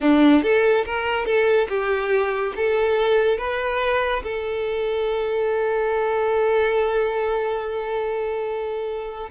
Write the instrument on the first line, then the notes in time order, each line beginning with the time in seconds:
violin
0.00 D4
0.42 A4
0.85 A#4
1.25 A4
1.68 G4
2.56 A4
3.38 B4
4.23 A4